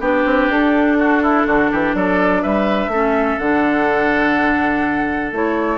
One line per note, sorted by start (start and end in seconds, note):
0.00 0.24 B3
0.00 2.92 D4
0.00 0.98 G4
0.00 0.52 B4
0.25 0.49 C4
0.49 1.45 D4
0.49 1.95 A4
0.99 1.23 F#4
1.23 1.47 E4
1.47 1.71 D3
1.47 1.71 F#4
1.72 1.95 E3
1.72 1.96 G4
1.95 2.43 F#3
1.95 2.43 A4
1.95 2.43 D5
2.43 2.88 G3
2.43 2.91 B4
2.43 3.39 E5
2.88 3.36 A3
2.88 3.41 C#4
2.88 5.78 A4
3.39 5.32 D3
3.39 5.34 D4
3.39 5.33 F#5
5.32 5.78 A3
5.32 5.78 E4
5.32 5.78 C#5